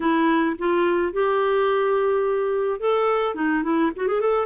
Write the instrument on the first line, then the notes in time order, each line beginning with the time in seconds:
clarinet
0.00 E4
0.58 F4
1.12 G4
2.79 A4
3.35 D#4
3.63 E4
3.96 F#4
4.07 G#4
4.20 A4